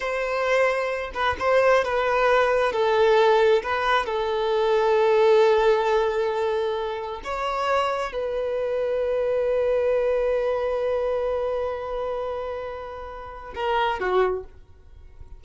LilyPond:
\new Staff \with { instrumentName = "violin" } { \time 4/4 \tempo 4 = 133 c''2~ c''8 b'8 c''4 | b'2 a'2 | b'4 a'2.~ | a'1 |
cis''2 b'2~ | b'1~ | b'1~ | b'2 ais'4 fis'4 | }